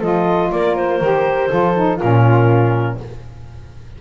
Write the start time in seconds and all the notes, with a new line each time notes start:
0.00 F3 F4 A4 D#5
0.52 A#3 A#4 D5
0.76 C5
1.01 D#3 G4
1.50 F3 F4 A4
1.76 D#4
1.97 A#2 C#4 F4 A#4